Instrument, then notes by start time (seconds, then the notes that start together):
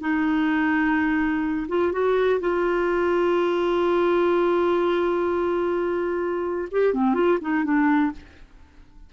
clarinet
0.00 D#4
1.68 F4
1.92 F#4
2.40 F4
6.71 G4
6.94 C4
7.14 F4
7.41 D#4
7.64 D4